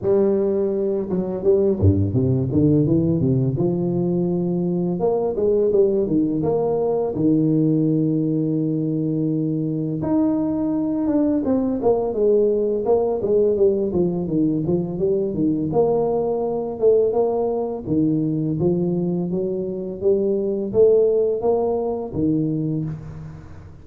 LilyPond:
\new Staff \with { instrumentName = "tuba" } { \time 4/4 \tempo 4 = 84 g4. fis8 g8 g,8 c8 d8 | e8 c8 f2 ais8 gis8 | g8 dis8 ais4 dis2~ | dis2 dis'4. d'8 |
c'8 ais8 gis4 ais8 gis8 g8 f8 | dis8 f8 g8 dis8 ais4. a8 | ais4 dis4 f4 fis4 | g4 a4 ais4 dis4 | }